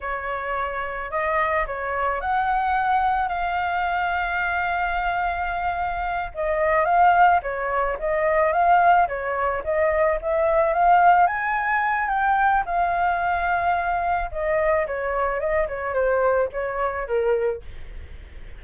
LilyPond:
\new Staff \with { instrumentName = "flute" } { \time 4/4 \tempo 4 = 109 cis''2 dis''4 cis''4 | fis''2 f''2~ | f''2.~ f''8 dis''8~ | dis''8 f''4 cis''4 dis''4 f''8~ |
f''8 cis''4 dis''4 e''4 f''8~ | f''8 gis''4. g''4 f''4~ | f''2 dis''4 cis''4 | dis''8 cis''8 c''4 cis''4 ais'4 | }